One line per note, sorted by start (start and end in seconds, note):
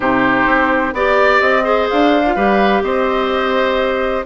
0.00 0.46 C3
0.00 0.94 D#4
0.00 0.94 G4
0.00 0.94 C5
0.46 0.93 C4
0.93 1.40 B3
0.93 1.62 G4
0.93 1.64 D5
0.93 1.40 D5
1.40 1.88 C4
1.40 1.87 D#5
1.62 2.21 G#4
1.62 2.35 C5
1.89 2.36 D4
1.89 2.83 F5
2.25 2.37 F4
2.35 2.82 G3
2.35 4.25 G4
2.35 2.82 B4
2.82 4.24 C4
2.82 4.25 C5
2.82 4.24 D#5